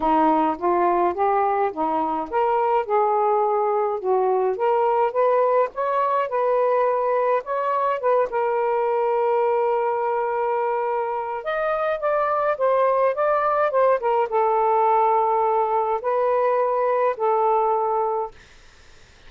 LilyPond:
\new Staff \with { instrumentName = "saxophone" } { \time 4/4 \tempo 4 = 105 dis'4 f'4 g'4 dis'4 | ais'4 gis'2 fis'4 | ais'4 b'4 cis''4 b'4~ | b'4 cis''4 b'8 ais'4.~ |
ais'1 | dis''4 d''4 c''4 d''4 | c''8 ais'8 a'2. | b'2 a'2 | }